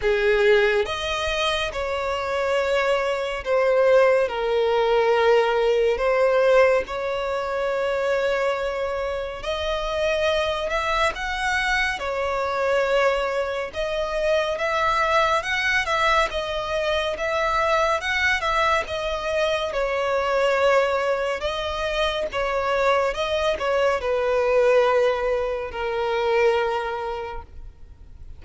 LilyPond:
\new Staff \with { instrumentName = "violin" } { \time 4/4 \tempo 4 = 70 gis'4 dis''4 cis''2 | c''4 ais'2 c''4 | cis''2. dis''4~ | dis''8 e''8 fis''4 cis''2 |
dis''4 e''4 fis''8 e''8 dis''4 | e''4 fis''8 e''8 dis''4 cis''4~ | cis''4 dis''4 cis''4 dis''8 cis''8 | b'2 ais'2 | }